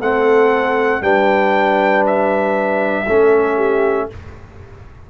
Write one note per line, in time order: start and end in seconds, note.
0.00 1.01 A3
0.00 1.02 C4
0.00 1.02 A4
0.00 1.03 F#5
1.01 3.05 G3
1.01 3.06 D4
1.01 3.06 B4
1.01 2.05 G5
2.07 4.10 E5
3.06 4.09 A3
3.06 4.10 C#4
3.06 3.56 A4
3.56 4.07 G4